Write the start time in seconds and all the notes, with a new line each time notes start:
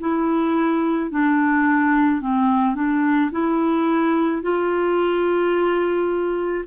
0.00 E4
1.11 D4
2.21 C4
2.75 D4
3.31 E4
4.42 F4